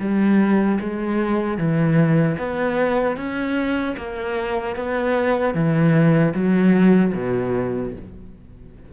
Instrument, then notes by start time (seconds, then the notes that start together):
cello
0.00 G3
0.81 G#3
1.58 E3
2.38 B3
3.17 C#4
3.97 A#3
4.76 B3
5.55 E3
6.34 F#3
7.14 B2